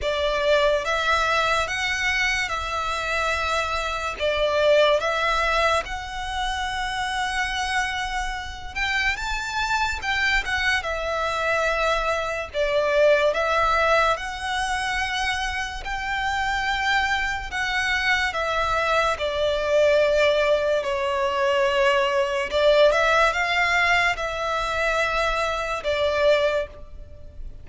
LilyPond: \new Staff \with { instrumentName = "violin" } { \time 4/4 \tempo 4 = 72 d''4 e''4 fis''4 e''4~ | e''4 d''4 e''4 fis''4~ | fis''2~ fis''8 g''8 a''4 | g''8 fis''8 e''2 d''4 |
e''4 fis''2 g''4~ | g''4 fis''4 e''4 d''4~ | d''4 cis''2 d''8 e''8 | f''4 e''2 d''4 | }